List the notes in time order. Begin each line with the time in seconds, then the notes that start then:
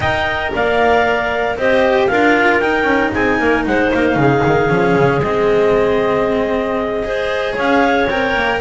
0.00 D#4 A#4 D#5 G5
0.54 A#3 D5 F5
1.56 C4 G4 C5 D#5
2.06 D4 F4 A#4 F5
2.59 D#4 G5
2.83 C#4
3.12 C4 G#4 G#5
3.39 A#3 A#4
3.66 G#3 C5 F#5
3.93 A#3 F5
4.15 C#3 G#4
4.45 D#3
4.68 F3 C#4
4.95 C#3
5.18 G#3 C4 D#5
7.03 G#4 C5
7.53 C#4 C#5 F5
8.08 C4 A#4 G5
8.35 A#3